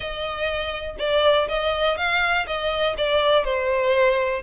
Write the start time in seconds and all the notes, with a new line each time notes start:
0.00 D#5
0.98 D5
1.48 D#5
1.97 F5
2.46 D#5
2.97 D5
3.44 C5